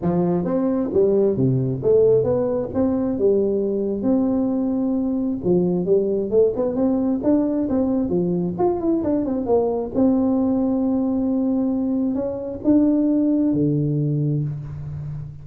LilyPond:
\new Staff \with { instrumentName = "tuba" } { \time 4/4 \tempo 4 = 133 f4 c'4 g4 c4 | a4 b4 c'4 g4~ | g4 c'2. | f4 g4 a8 b8 c'4 |
d'4 c'4 f4 f'8 e'8 | d'8 c'8 ais4 c'2~ | c'2. cis'4 | d'2 d2 | }